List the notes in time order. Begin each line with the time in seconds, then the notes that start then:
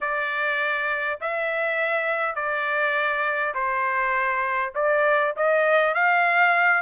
0.00 D5
1.20 E5
2.35 D5
3.54 C5
4.74 D5
5.36 D#5
5.94 F5